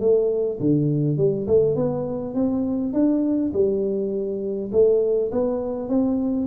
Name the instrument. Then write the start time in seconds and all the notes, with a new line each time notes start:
tuba
0.00 A3
0.60 D3
1.17 G3
1.47 A3
1.76 B3
2.34 C4
2.93 D4
3.53 G3
4.72 A3
5.32 B3
5.89 C4